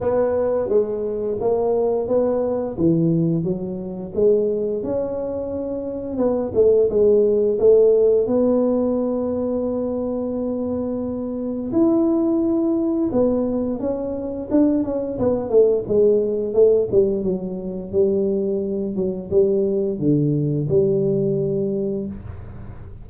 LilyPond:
\new Staff \with { instrumentName = "tuba" } { \time 4/4 \tempo 4 = 87 b4 gis4 ais4 b4 | e4 fis4 gis4 cis'4~ | cis'4 b8 a8 gis4 a4 | b1~ |
b4 e'2 b4 | cis'4 d'8 cis'8 b8 a8 gis4 | a8 g8 fis4 g4. fis8 | g4 d4 g2 | }